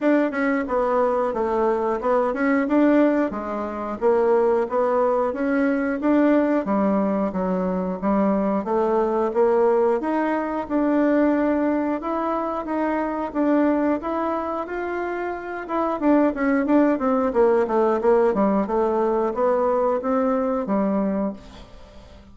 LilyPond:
\new Staff \with { instrumentName = "bassoon" } { \time 4/4 \tempo 4 = 90 d'8 cis'8 b4 a4 b8 cis'8 | d'4 gis4 ais4 b4 | cis'4 d'4 g4 fis4 | g4 a4 ais4 dis'4 |
d'2 e'4 dis'4 | d'4 e'4 f'4. e'8 | d'8 cis'8 d'8 c'8 ais8 a8 ais8 g8 | a4 b4 c'4 g4 | }